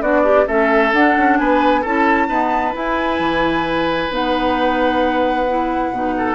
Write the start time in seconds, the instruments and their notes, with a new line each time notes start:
0.00 bassoon B3, clarinet D4, oboe F#4, flute D5
0.21 oboe D4, clarinet G4
0.47 bassoon A3, clarinet C#4, oboe A4, flute E5
0.92 bassoon D4, clarinet D4, flute F#5
1.17 bassoon C#4
1.37 bassoon B3, oboe B4, flute G#5
1.81 bassoon C#4, clarinet E4, oboe A4, flute A5
2.28 clarinet B3, bassoon D#4, oboe B4
2.73 clarinet E4, bassoon E4, flute G#5
3.19 bassoon E3
4.09 bassoon B3, clarinet D#4, flute F#5
5.48 clarinet E4
5.91 bassoon B2, clarinet D#4
6.17 oboe A4